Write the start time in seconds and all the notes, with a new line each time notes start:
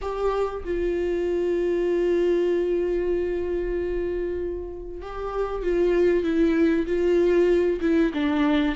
0.01 G4
0.64 F4
5.01 G4
5.62 F4
6.23 E4
6.86 F4
7.80 E4
8.13 D4